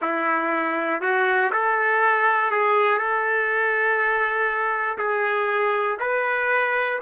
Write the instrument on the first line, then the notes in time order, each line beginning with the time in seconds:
trumpet
0.01 E4
1.01 F#4
1.52 A4
2.50 G#4
2.97 A4
4.97 G#4
5.99 B4